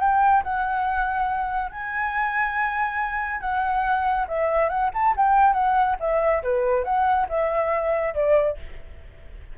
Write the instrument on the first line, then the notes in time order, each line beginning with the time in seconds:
flute
0.00 G5
0.43 F#5
1.71 G#5
3.41 F#5
4.28 E5
4.69 F#5
4.94 A5
5.16 G5
5.53 F#5
6.00 E5
6.43 B4
6.84 F#5
7.29 E5
8.14 D5